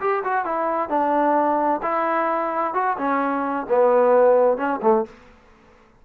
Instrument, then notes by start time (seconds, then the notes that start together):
trombone
0.00 G4
0.24 F#4
0.45 E4
0.89 D4
1.82 E4
2.74 F#4
2.98 C#4
3.69 B3
4.57 C#4
4.82 A3